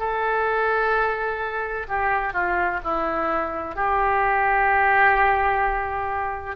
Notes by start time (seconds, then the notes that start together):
0.00 A4
1.89 G4
2.34 F4
2.84 E4
3.76 G4